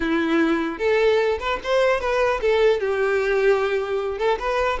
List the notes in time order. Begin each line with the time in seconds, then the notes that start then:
0.00 E4
0.78 A4
1.39 B4
1.63 C5
2.00 B4
2.41 A4
2.79 G4
4.18 A4
4.39 B4